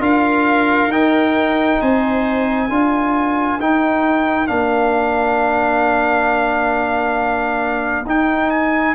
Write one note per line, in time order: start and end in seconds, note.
0.00 0.88 D4
0.00 0.90 F4
0.00 1.80 A#4
0.00 0.92 F5
0.88 1.77 D#4
0.88 2.70 D#4
0.88 1.81 G5
1.81 2.70 C4
1.81 2.67 C5
1.81 3.60 G#5
2.67 3.59 D4
2.67 3.60 F4
2.67 8.94 A#4
3.59 4.49 D#4
3.59 4.47 D#4
3.59 4.48 G5
4.47 8.05 A#3
4.47 8.05 D4
4.47 8.06 F5
8.05 8.95 D#4
8.05 8.50 G5
8.50 8.95 G#5